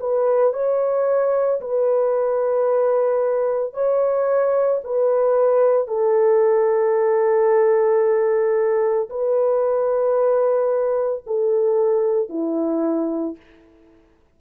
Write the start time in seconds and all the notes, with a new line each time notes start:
0.00 B4
0.54 C#5
1.61 B4
3.74 C#5
4.85 B4
5.88 A4
9.10 B4
11.27 A4
12.29 E4